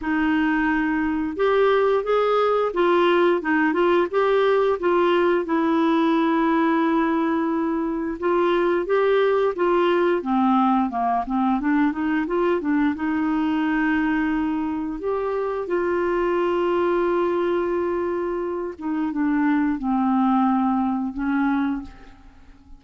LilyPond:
\new Staff \with { instrumentName = "clarinet" } { \time 4/4 \tempo 4 = 88 dis'2 g'4 gis'4 | f'4 dis'8 f'8 g'4 f'4 | e'1 | f'4 g'4 f'4 c'4 |
ais8 c'8 d'8 dis'8 f'8 d'8 dis'4~ | dis'2 g'4 f'4~ | f'2.~ f'8 dis'8 | d'4 c'2 cis'4 | }